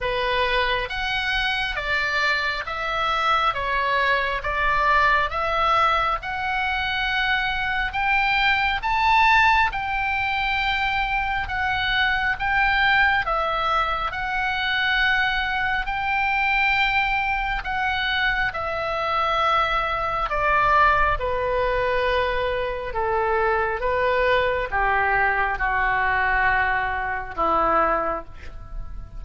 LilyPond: \new Staff \with { instrumentName = "oboe" } { \time 4/4 \tempo 4 = 68 b'4 fis''4 d''4 e''4 | cis''4 d''4 e''4 fis''4~ | fis''4 g''4 a''4 g''4~ | g''4 fis''4 g''4 e''4 |
fis''2 g''2 | fis''4 e''2 d''4 | b'2 a'4 b'4 | g'4 fis'2 e'4 | }